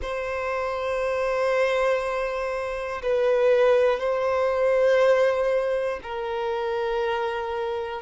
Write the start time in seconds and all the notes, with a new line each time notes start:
0.01 C5
3.02 B4
3.99 C5
6.02 A#4